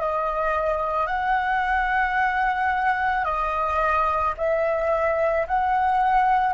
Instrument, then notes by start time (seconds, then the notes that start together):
flute
0.00 D#5
1.07 F#5
3.25 D#5
4.38 E5
5.48 F#5